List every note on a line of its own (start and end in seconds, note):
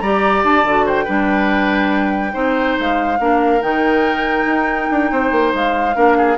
0.00 0.43 G3
0.00 0.67 G4
0.00 0.85 D5
0.00 0.43 A#5
0.43 0.64 D4
0.43 0.87 A5
0.64 1.06 D3
0.64 1.06 F#4
0.85 1.04 C5
0.85 2.79 G5
1.04 2.34 G3
1.04 2.32 D4
1.04 2.32 B4
2.32 2.77 C4
2.32 3.17 D#4
2.32 3.18 C5
2.79 3.19 G#3
2.79 3.62 F5
3.19 3.61 A#3
3.19 3.60 D4
3.19 5.11 A#4
3.60 4.45 D#3
3.60 5.94 D#4
3.60 5.53 G5
4.45 4.88 D#4
4.91 5.11 D4
5.11 5.31 C4
5.11 5.95 C5
5.31 5.53 A#3
5.53 5.96 G#3
5.53 6.37 F5
5.94 6.37 A#3
5.94 6.37 D4
5.94 6.17 A#4
6.17 6.37 G#4